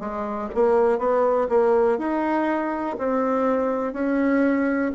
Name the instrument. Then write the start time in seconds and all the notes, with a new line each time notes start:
bassoon
0.00 G#3
0.55 A#3
0.99 B3
1.49 A#3
1.99 D#4
2.98 C4
3.93 C#4